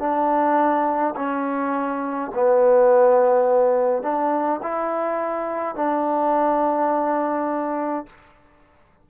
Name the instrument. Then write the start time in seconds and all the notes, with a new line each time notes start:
trombone
0.00 D4
1.16 C#4
2.34 B3
4.03 D4
4.63 E4
5.76 D4